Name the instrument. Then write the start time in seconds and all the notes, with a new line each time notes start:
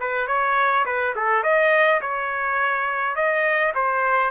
trumpet
0.00 B4
0.28 C#5
0.85 B4
1.16 A4
1.43 D#5
2.01 C#5
3.15 D#5
3.75 C5